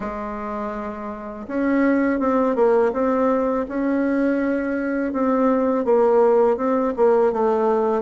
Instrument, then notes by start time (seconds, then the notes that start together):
bassoon
0.00 G#3
1.47 C#4
2.19 C4
2.55 A#3
2.93 C4
3.68 C#4
5.13 C4
5.84 A#3
6.57 C4
6.96 A#3
7.32 A3